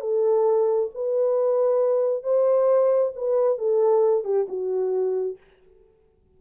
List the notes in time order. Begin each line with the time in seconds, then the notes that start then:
0.00 A4
0.94 B4
2.23 C5
3.16 B4
3.58 A4
4.24 G4
4.48 F#4